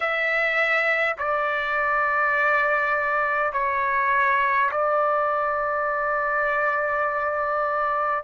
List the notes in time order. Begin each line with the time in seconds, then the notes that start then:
0.00 E5
1.18 D5
3.52 C#5
4.71 D5